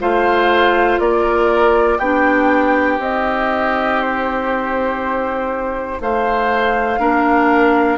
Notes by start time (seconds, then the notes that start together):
0.00 A3 F4 C5 F5
1.00 A#3 A#4 D5
1.99 B3 D4 G4 G5
2.99 C4 D#4 D#5
4.01 C5
6.01 A3 C5 F5
6.99 A#3 D4 A#4